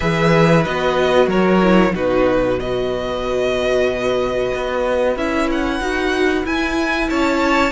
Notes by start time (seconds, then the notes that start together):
0.00 E3 G#4 B4 E5
0.64 B3 F#4 D#5
1.27 F#3 A#4 C#5
1.61 E4
1.93 B2 D#4 F#4 B4
2.59 F#4 B4 D#5
4.54 B3
5.16 C#4 E4 E5
5.51 F#5
5.79 D#4 F#4
6.44 E4 G#5
7.09 C#4 C#5 A5